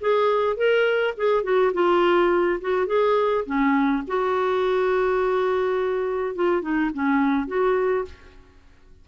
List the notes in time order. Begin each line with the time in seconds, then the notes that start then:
0.00 G#4
0.56 A#4
1.17 G#4
1.43 F#4
1.73 F4
2.61 F#4
2.87 G#4
3.46 C#4
4.07 F#4
6.35 F4
6.62 D#4
6.94 C#4
7.47 F#4